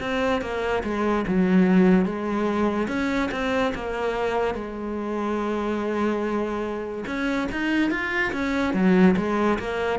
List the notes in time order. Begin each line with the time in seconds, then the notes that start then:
0.00 C4
0.41 A#3
0.83 G#3
1.27 F#3
2.05 G#3
2.88 C#4
3.31 C4
3.74 A#3
4.55 G#3
7.06 C#4
7.52 D#4
7.91 F4
8.33 C#4
8.74 F#3
9.17 G#3
9.59 A#3